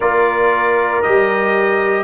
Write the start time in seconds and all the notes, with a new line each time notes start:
0.00 A#3 F4 A#4 D5
1.02 G3 G4 D#5